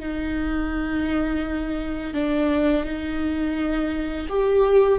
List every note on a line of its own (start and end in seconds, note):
0.00 2.14 D#4
2.14 2.84 D4
2.84 4.27 D#4
4.29 4.99 G4